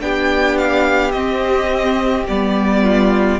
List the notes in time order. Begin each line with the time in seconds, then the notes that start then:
0.00 B3 D4 G4 G5
0.57 F5
1.11 C4 D#5
2.27 G3 B3 D5
2.82 F4